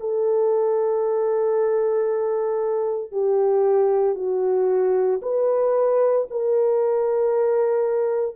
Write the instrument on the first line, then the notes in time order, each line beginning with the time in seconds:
horn
0.00 A4
3.12 G4
4.16 F#4
5.22 B4
6.31 A#4